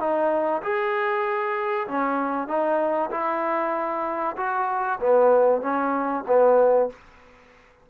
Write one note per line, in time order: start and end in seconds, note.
0.00 0.62 D#4
0.63 1.88 G#4
1.88 2.48 C#4
2.48 3.11 D#4
3.11 4.36 E4
4.37 5.00 F#4
5.00 5.62 B3
5.62 6.24 C#4
6.28 6.90 B3